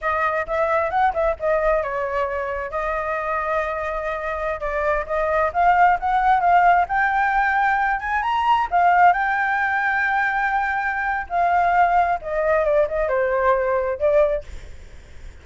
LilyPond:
\new Staff \with { instrumentName = "flute" } { \time 4/4 \tempo 4 = 133 dis''4 e''4 fis''8 e''8 dis''4 | cis''2 dis''2~ | dis''2~ dis''16 d''4 dis''8.~ | dis''16 f''4 fis''4 f''4 g''8.~ |
g''4.~ g''16 gis''8 ais''4 f''8.~ | f''16 g''2.~ g''8.~ | g''4 f''2 dis''4 | d''8 dis''8 c''2 d''4 | }